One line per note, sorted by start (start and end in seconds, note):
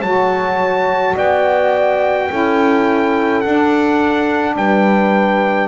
0.00 1.15 F#3
0.00 2.30 F#4
0.00 1.13 C#5
0.00 1.15 A5
1.15 2.29 B3
1.15 2.28 D5
1.15 3.41 G5
2.30 3.44 C#4
2.30 3.43 E4
2.30 4.56 A4
3.41 5.68 D4
3.41 4.56 D4
3.41 4.54 F#5
4.56 5.68 G3
4.56 5.68 B4
4.56 5.68 G5